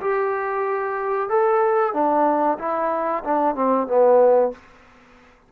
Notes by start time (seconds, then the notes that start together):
0.00 G4
1.29 A4
1.93 D4
2.58 E4
3.24 D4
3.55 C4
3.87 B3